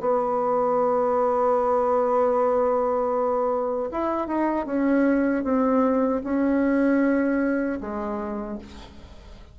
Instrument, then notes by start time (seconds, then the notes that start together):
bassoon
0.00 B3
3.91 E4
4.28 D#4
4.66 C#4
5.44 C4
6.23 C#4
7.80 G#3